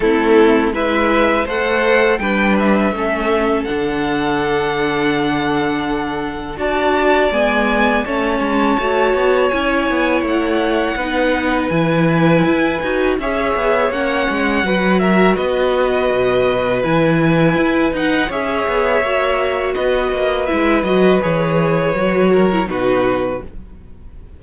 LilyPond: <<
  \new Staff \with { instrumentName = "violin" } { \time 4/4 \tempo 4 = 82 a'4 e''4 fis''4 g''8 e''8~ | e''4 fis''2.~ | fis''4 a''4 gis''4 a''4~ | a''4 gis''4 fis''2 |
gis''2 e''4 fis''4~ | fis''8 e''8 dis''2 gis''4~ | gis''8 fis''8 e''2 dis''4 | e''8 dis''8 cis''2 b'4 | }
  \new Staff \with { instrumentName = "violin" } { \time 4/4 e'4 b'4 c''4 b'4 | a'1~ | a'4 d''2 cis''4~ | cis''2. b'4~ |
b'2 cis''2 | b'8 ais'8 b'2.~ | b'4 cis''2 b'4~ | b'2~ b'8 ais'8 fis'4 | }
  \new Staff \with { instrumentName = "viola" } { \time 4/4 c'4 e'4 a'4 d'4 | cis'4 d'2.~ | d'4 fis'4 b4 cis'4 | fis'4 e'2 dis'4 |
e'4. fis'8 gis'4 cis'4 | fis'2. e'4~ | e'8 dis'8 gis'4 fis'2 | e'8 fis'8 gis'4 fis'8. e'16 dis'4 | }
  \new Staff \with { instrumentName = "cello" } { \time 4/4 a4 gis4 a4 g4 | a4 d2.~ | d4 d'4 gis4 a8 gis8 | a8 b8 cis'8 b8 a4 b4 |
e4 e'8 dis'8 cis'8 b8 ais8 gis8 | fis4 b4 b,4 e4 | e'8 dis'8 cis'8 b8 ais4 b8 ais8 | gis8 fis8 e4 fis4 b,4 | }
>>